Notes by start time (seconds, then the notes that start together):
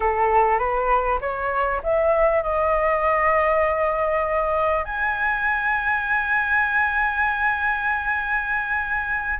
0.00 A4
0.58 B4
1.20 C#5
1.83 E5
2.42 D#5
4.84 G#5